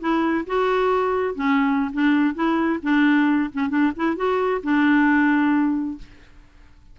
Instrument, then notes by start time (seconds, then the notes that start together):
clarinet
0.00 E4
0.47 F#4
1.35 C#4
1.93 D4
2.35 E4
2.83 D4
3.53 C#4
3.70 D4
3.96 E4
4.16 F#4
4.63 D4